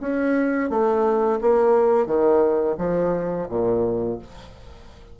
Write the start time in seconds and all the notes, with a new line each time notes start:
0.00 C#4
0.69 A3
1.41 A#3
2.06 D#3
2.78 F3
3.49 A#2